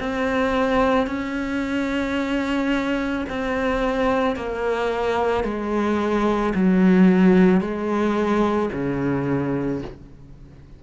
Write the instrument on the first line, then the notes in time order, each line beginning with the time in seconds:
cello
0.00 C4
1.08 C#4
3.30 C4
4.36 A#3
5.44 G#3
6.55 F#3
7.61 G#3
8.73 C#3